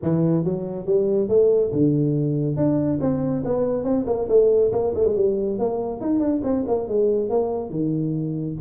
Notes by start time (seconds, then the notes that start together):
0.02 E3
0.44 F#3
0.86 G3
1.28 A3
1.72 D3
2.56 D4
3.00 C4
3.44 B3
3.84 C4
4.06 A#3
4.29 A3
4.72 A#3
4.95 A3
5.05 G#3
5.15 G3
5.58 A#3
6.00 D#4
6.19 D4
6.43 C4
6.67 A#3
6.88 G#3
7.29 A#3
7.70 D#3